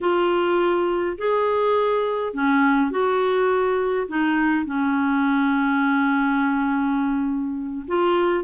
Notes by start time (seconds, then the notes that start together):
0.00 F4
1.18 G#4
2.33 C#4
2.90 F#4
4.08 D#4
4.65 C#4
7.87 F4